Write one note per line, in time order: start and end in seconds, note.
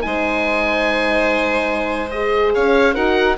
0.00 2.56 G#3
0.00 2.10 D#4
0.00 2.54 C5
0.00 2.10 G#5
2.10 2.95 G#4
2.10 2.52 D#5
2.54 2.96 C#4
2.54 2.94 C#5
2.54 2.94 F5
2.94 3.37 D#4
2.94 3.37 F#4
2.94 3.36 A#4
2.94 3.36 F#5